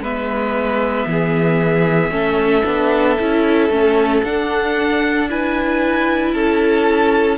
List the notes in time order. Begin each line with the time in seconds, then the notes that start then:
0.00 G#3 B3 B4 E5
1.06 E3 G#4
2.10 A3 C#4 A4
2.65 B3 D4
3.20 C#4 E4
3.69 A3 C#4
4.24 D4 F#5
5.29 E4 B4 G#5
6.34 C#4 A4 A5